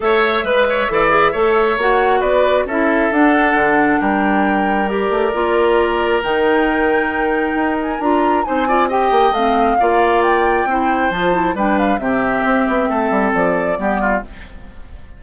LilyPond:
<<
  \new Staff \with { instrumentName = "flute" } { \time 4/4 \tempo 4 = 135 e''1 | fis''4 d''4 e''4 fis''4~ | fis''4 g''2 d''4~ | d''2 g''2~ |
g''4. gis''8 ais''4 gis''4 | g''4 f''2 g''4~ | g''4 a''4 g''8 f''8 e''4~ | e''2 d''2 | }
  \new Staff \with { instrumentName = "oboe" } { \time 4/4 cis''4 b'8 cis''8 d''4 cis''4~ | cis''4 b'4 a'2~ | a'4 ais'2.~ | ais'1~ |
ais'2. c''8 d''8 | dis''2 d''2 | c''2 b'4 g'4~ | g'4 a'2 g'8 f'8 | }
  \new Staff \with { instrumentName = "clarinet" } { \time 4/4 a'4 b'4 a'8 gis'8 a'4 | fis'2 e'4 d'4~ | d'2. g'4 | f'2 dis'2~ |
dis'2 f'4 dis'8 f'8 | g'4 c'4 f'2 | e'4 f'8 e'8 d'4 c'4~ | c'2. b4 | }
  \new Staff \with { instrumentName = "bassoon" } { \time 4/4 a4 gis4 e4 a4 | ais4 b4 cis'4 d'4 | d4 g2~ g8 a8 | ais2 dis2~ |
dis4 dis'4 d'4 c'4~ | c'8 ais8 a4 ais2 | c'4 f4 g4 c4 | c'8 b8 a8 g8 f4 g4 | }
>>